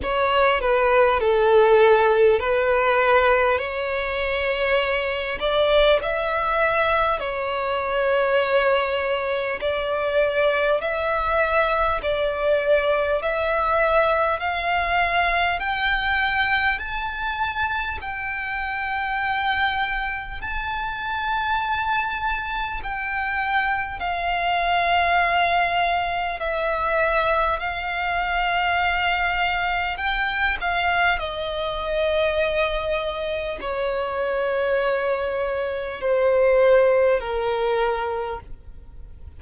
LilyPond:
\new Staff \with { instrumentName = "violin" } { \time 4/4 \tempo 4 = 50 cis''8 b'8 a'4 b'4 cis''4~ | cis''8 d''8 e''4 cis''2 | d''4 e''4 d''4 e''4 | f''4 g''4 a''4 g''4~ |
g''4 a''2 g''4 | f''2 e''4 f''4~ | f''4 g''8 f''8 dis''2 | cis''2 c''4 ais'4 | }